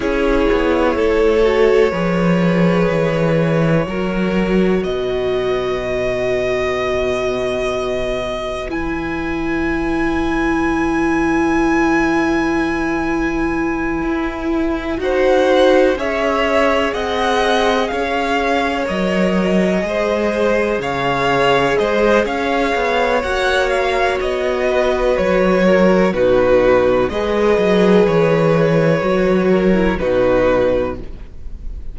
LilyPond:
<<
  \new Staff \with { instrumentName = "violin" } { \time 4/4 \tempo 4 = 62 cis''1~ | cis''4 dis''2.~ | dis''4 gis''2.~ | gis''2.~ gis''8 fis''8~ |
fis''8 e''4 fis''4 f''4 dis''8~ | dis''4. f''4 dis''8 f''4 | fis''8 f''8 dis''4 cis''4 b'4 | dis''4 cis''2 b'4 | }
  \new Staff \with { instrumentName = "violin" } { \time 4/4 gis'4 a'4 b'2 | ais'4 b'2.~ | b'1~ | b'2.~ b'8 c''8~ |
c''8 cis''4 dis''4 cis''4.~ | cis''8 c''4 cis''4 c''8 cis''4~ | cis''4. b'4 ais'8 fis'4 | b'2~ b'8 ais'8 fis'4 | }
  \new Staff \with { instrumentName = "viola" } { \time 4/4 e'4. fis'8 gis'2 | fis'1~ | fis'4 e'2.~ | e'2.~ e'8 fis'8~ |
fis'8 gis'2. ais'8~ | ais'8 gis'2.~ gis'8 | fis'2. dis'4 | gis'2 fis'8. e'16 dis'4 | }
  \new Staff \with { instrumentName = "cello" } { \time 4/4 cis'8 b8 a4 f4 e4 | fis4 b,2.~ | b,4 e2.~ | e2~ e8 e'4 dis'8~ |
dis'8 cis'4 c'4 cis'4 fis8~ | fis8 gis4 cis4 gis8 cis'8 b8 | ais4 b4 fis4 b,4 | gis8 fis8 e4 fis4 b,4 | }
>>